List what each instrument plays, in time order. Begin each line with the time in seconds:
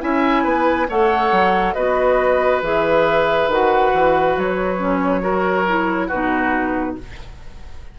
0.00 bassoon C#4, clarinet E4, oboe E5, flute G#5
0.43 bassoon B3, oboe B4
0.89 bassoon A3, clarinet A4, oboe C#5, flute F#5
1.32 bassoon F#3
1.73 bassoon B3, clarinet F#4, oboe B4, flute D#5
2.62 bassoon E3, clarinet G#4, flute E5
3.48 bassoon D#3, clarinet F#4, flute F#5
3.94 bassoon E3
4.37 bassoon F#3, flute C#5
4.78 clarinet C#4
5.21 clarinet F#4, oboe A#4
5.68 clarinet E4
6.08 bassoon B2, clarinet D#4, oboe F#4, flute B4